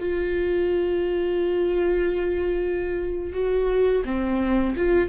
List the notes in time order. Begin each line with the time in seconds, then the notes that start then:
0.00 F4
3.33 F#4
4.05 C4
4.77 F4